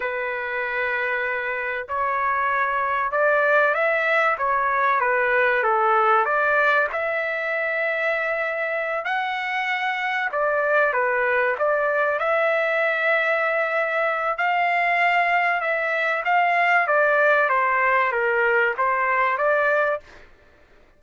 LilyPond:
\new Staff \with { instrumentName = "trumpet" } { \time 4/4 \tempo 4 = 96 b'2. cis''4~ | cis''4 d''4 e''4 cis''4 | b'4 a'4 d''4 e''4~ | e''2~ e''8 fis''4.~ |
fis''8 d''4 b'4 d''4 e''8~ | e''2. f''4~ | f''4 e''4 f''4 d''4 | c''4 ais'4 c''4 d''4 | }